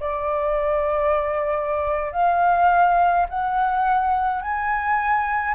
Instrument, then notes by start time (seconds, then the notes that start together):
flute
0.00 D5
2.13 F5
3.29 F#5
4.42 G#5